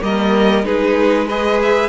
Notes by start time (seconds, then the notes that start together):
0.00 G3 A#3 A#4 D#5
0.64 G#3 D#4 G#4 B4
1.27 G#4 B4 D#5
1.62 E5